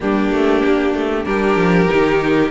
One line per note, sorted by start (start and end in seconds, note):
0.00 0.31 G3
0.00 1.24 A#3
0.00 1.26 D4
0.00 1.25 G4
0.31 0.62 A3
0.63 0.94 A#3
0.94 1.25 A3
1.24 1.56 G3
1.24 1.87 D4
1.24 2.51 G4
1.24 2.51 A#4
1.56 1.88 F3
1.89 2.51 D#3
1.89 2.51 D#4